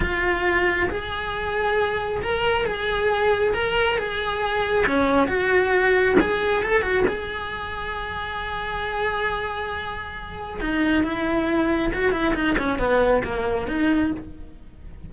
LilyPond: \new Staff \with { instrumentName = "cello" } { \time 4/4 \tempo 4 = 136 f'2 gis'2~ | gis'4 ais'4 gis'2 | ais'4 gis'2 cis'4 | fis'2 gis'4 a'8 fis'8 |
gis'1~ | gis'1 | dis'4 e'2 fis'8 e'8 | dis'8 cis'8 b4 ais4 dis'4 | }